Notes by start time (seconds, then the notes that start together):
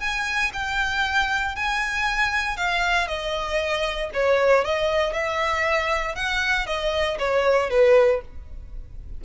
0.00 G#5
0.53 G5
1.56 G#5
2.57 F5
3.08 D#5
4.14 C#5
4.65 D#5
5.13 E5
6.15 F#5
6.66 D#5
7.19 C#5
7.70 B4